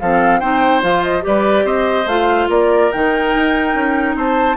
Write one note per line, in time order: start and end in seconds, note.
0.00 0.42 F3
0.00 0.42 C4
0.00 0.40 A4
0.00 0.40 F5
0.40 0.83 C4
0.40 0.82 D#4
0.40 1.24 C5
0.40 0.82 G5
0.82 1.25 F3
0.82 1.22 F4
0.82 1.04 F5
1.04 1.25 D#5
1.22 1.65 G3
1.22 2.05 G4
1.22 1.65 B4
1.22 1.67 D5
1.65 2.06 C4
1.65 2.49 C5
1.65 2.08 D#5
2.06 2.48 A3
2.06 2.93 F4
2.06 2.50 F5
2.49 2.91 A#3
2.49 4.16 A#4
2.49 2.92 D5
2.92 3.36 D#3
2.92 4.57 D#4
2.92 4.17 G5
3.36 3.75 D#4
3.75 4.16 C#4
4.16 4.57 C4
4.16 4.57 C5
4.16 4.57 A5